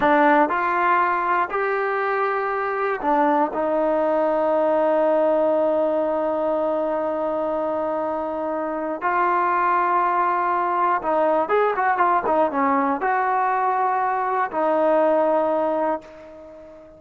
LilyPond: \new Staff \with { instrumentName = "trombone" } { \time 4/4 \tempo 4 = 120 d'4 f'2 g'4~ | g'2 d'4 dis'4~ | dis'1~ | dis'1~ |
dis'2 f'2~ | f'2 dis'4 gis'8 fis'8 | f'8 dis'8 cis'4 fis'2~ | fis'4 dis'2. | }